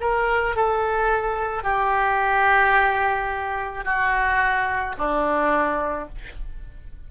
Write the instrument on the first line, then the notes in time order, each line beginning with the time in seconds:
oboe
0.00 A#4
0.56 A4
1.63 G4
3.84 F#4
4.97 D4